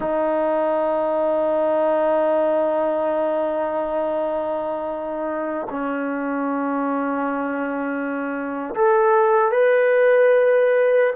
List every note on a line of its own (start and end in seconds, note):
0.00 5.67 D#4
5.70 8.74 C#4
8.74 9.51 A4
9.51 11.13 B4